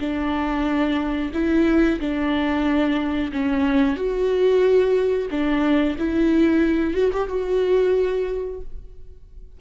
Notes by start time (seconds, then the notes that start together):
0.00 D4
1.34 E4
2.00 D4
3.33 C#4
3.97 F#4
5.31 D4
5.99 E4
6.94 F#4
7.13 G4
7.29 F#4